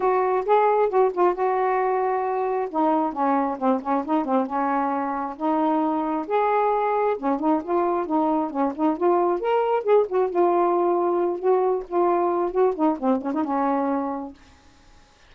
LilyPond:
\new Staff \with { instrumentName = "saxophone" } { \time 4/4 \tempo 4 = 134 fis'4 gis'4 fis'8 f'8 fis'4~ | fis'2 dis'4 cis'4 | c'8 cis'8 dis'8 c'8 cis'2 | dis'2 gis'2 |
cis'8 dis'8 f'4 dis'4 cis'8 dis'8 | f'4 ais'4 gis'8 fis'8 f'4~ | f'4. fis'4 f'4. | fis'8 dis'8 c'8 cis'16 dis'16 cis'2 | }